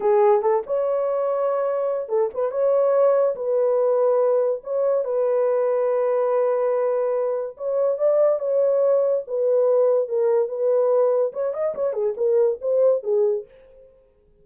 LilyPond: \new Staff \with { instrumentName = "horn" } { \time 4/4 \tempo 4 = 143 gis'4 a'8 cis''2~ cis''8~ | cis''4 a'8 b'8 cis''2 | b'2. cis''4 | b'1~ |
b'2 cis''4 d''4 | cis''2 b'2 | ais'4 b'2 cis''8 dis''8 | cis''8 gis'8 ais'4 c''4 gis'4 | }